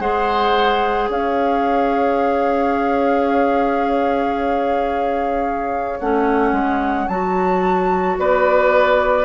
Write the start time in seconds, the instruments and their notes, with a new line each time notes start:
0.00 bassoon G#3, clarinet G#4, oboe C5, flute F#5
1.09 bassoon C#4, oboe C#5, flute F5
6.00 bassoon A3, clarinet C#4, flute F#5
6.52 bassoon G#3
7.08 bassoon F#3, clarinet F#4, flute A5
8.19 bassoon B3, oboe B4, flute D5